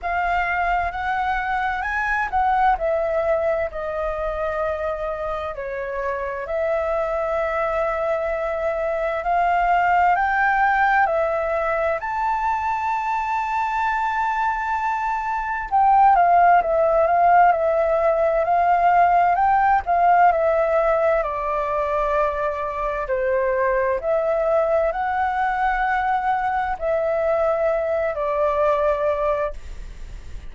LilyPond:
\new Staff \with { instrumentName = "flute" } { \time 4/4 \tempo 4 = 65 f''4 fis''4 gis''8 fis''8 e''4 | dis''2 cis''4 e''4~ | e''2 f''4 g''4 | e''4 a''2.~ |
a''4 g''8 f''8 e''8 f''8 e''4 | f''4 g''8 f''8 e''4 d''4~ | d''4 c''4 e''4 fis''4~ | fis''4 e''4. d''4. | }